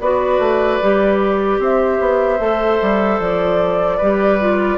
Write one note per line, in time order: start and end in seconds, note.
0.00 0.39 B3
0.00 0.82 F#4
0.00 1.60 B4
0.00 1.60 D5
0.39 0.79 A3
0.82 1.59 G3
0.82 2.39 G4
1.59 1.99 C4
1.59 3.97 C5
1.59 3.21 E5
2.00 2.39 B3
2.39 2.79 A3
2.39 3.99 A4
2.82 3.20 G3
3.20 4.00 F3
3.20 4.78 D5
3.97 4.78 G3
3.97 4.41 G4
3.97 4.77 B4
4.41 4.78 F4